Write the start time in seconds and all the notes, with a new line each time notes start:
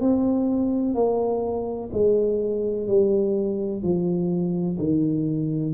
0.00 C4
0.94 A#3
1.92 G#3
2.87 G3
3.82 F3
4.78 D#3